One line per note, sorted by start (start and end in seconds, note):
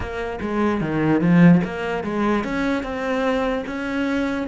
0.00 0.39 A#3
0.41 0.81 G#3
0.81 1.20 D#3
1.20 1.61 F3
1.64 2.03 A#3
2.03 2.43 G#3
2.43 2.83 C#4
2.83 3.64 C4
3.66 4.47 C#4